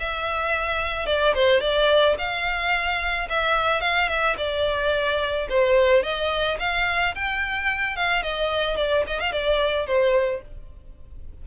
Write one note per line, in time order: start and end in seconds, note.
0.00 1.07 E5
1.07 1.34 D5
1.34 1.61 C5
1.61 2.16 D5
2.18 3.29 F5
3.30 3.81 E5
3.81 4.09 F5
4.09 4.36 E5
4.38 5.48 D5
5.50 6.03 C5
6.03 6.58 D#5
6.60 7.15 F5
7.15 7.97 G5
7.97 8.23 F5
8.23 8.77 D#5
8.77 9.04 D5
9.07 9.20 D#5
9.20 9.33 F5
9.33 9.87 D5
9.87 10.42 C5